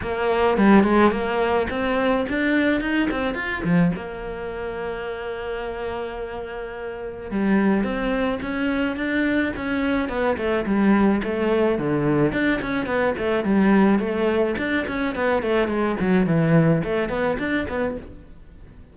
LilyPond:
\new Staff \with { instrumentName = "cello" } { \time 4/4 \tempo 4 = 107 ais4 g8 gis8 ais4 c'4 | d'4 dis'8 c'8 f'8 f8 ais4~ | ais1~ | ais4 g4 c'4 cis'4 |
d'4 cis'4 b8 a8 g4 | a4 d4 d'8 cis'8 b8 a8 | g4 a4 d'8 cis'8 b8 a8 | gis8 fis8 e4 a8 b8 d'8 b8 | }